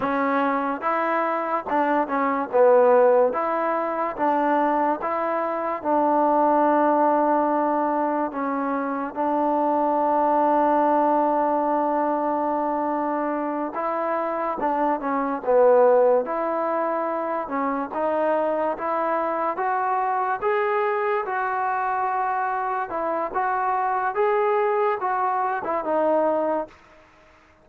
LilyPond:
\new Staff \with { instrumentName = "trombone" } { \time 4/4 \tempo 4 = 72 cis'4 e'4 d'8 cis'8 b4 | e'4 d'4 e'4 d'4~ | d'2 cis'4 d'4~ | d'1~ |
d'8 e'4 d'8 cis'8 b4 e'8~ | e'4 cis'8 dis'4 e'4 fis'8~ | fis'8 gis'4 fis'2 e'8 | fis'4 gis'4 fis'8. e'16 dis'4 | }